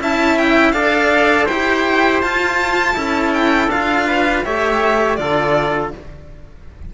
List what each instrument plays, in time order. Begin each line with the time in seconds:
0.00 cello C#4 E4, trumpet E5, violin A5
0.38 violin G5
0.73 cello D4 A4, trumpet D5, violin F5
1.46 cello E4 G4, trumpet C5, violin G5
2.21 cello F4, violin A5
2.95 cello C#4 E4, trumpet A4
3.33 violin G5
3.68 cello D4 F4, violin F5
4.08 trumpet B4
4.45 cello A3 G4, trumpet C#5, violin E5
5.16 cello D3 F4, trumpet A4, violin D5